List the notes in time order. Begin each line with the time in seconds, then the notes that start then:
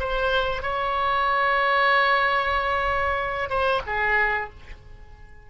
0.00 C5
0.63 C#5
3.50 C5
3.87 G#4